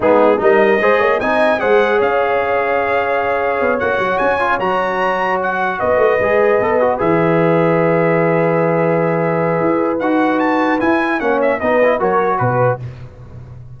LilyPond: <<
  \new Staff \with { instrumentName = "trumpet" } { \time 4/4 \tempo 4 = 150 gis'4 dis''2 gis''4 | fis''4 f''2.~ | f''4. fis''4 gis''4 ais''8~ | ais''4. fis''4 dis''4.~ |
dis''4. e''2~ e''8~ | e''1~ | e''4 fis''4 a''4 gis''4 | fis''8 e''8 dis''4 cis''4 b'4 | }
  \new Staff \with { instrumentName = "horn" } { \time 4/4 dis'4 ais'4 c''8 cis''8 dis''4 | c''4 cis''2.~ | cis''1~ | cis''2~ cis''8 b'4.~ |
b'1~ | b'1~ | b'1 | cis''4 b'4 ais'4 b'4 | }
  \new Staff \with { instrumentName = "trombone" } { \time 4/4 b4 dis'4 gis'4 dis'4 | gis'1~ | gis'4. fis'4. f'8 fis'8~ | fis'2.~ fis'8 gis'8~ |
gis'8 a'8 fis'8 gis'2~ gis'8~ | gis'1~ | gis'4 fis'2 e'4 | cis'4 dis'8 e'8 fis'2 | }
  \new Staff \with { instrumentName = "tuba" } { \time 4/4 gis4 g4 gis8 ais8 c'4 | gis4 cis'2.~ | cis'4 b8 ais8 fis8 cis'4 fis8~ | fis2~ fis8 b8 a8 gis8~ |
gis8 b4 e2~ e8~ | e1 | e'4 dis'2 e'4 | ais4 b4 fis4 b,4 | }
>>